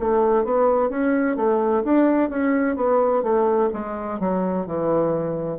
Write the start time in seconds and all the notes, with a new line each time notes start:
0.00 A3
0.45 B3
0.90 C#4
1.37 A3
1.85 D4
2.30 C#4
2.77 B3
3.23 A3
3.74 G#3
4.20 F#3
4.67 E3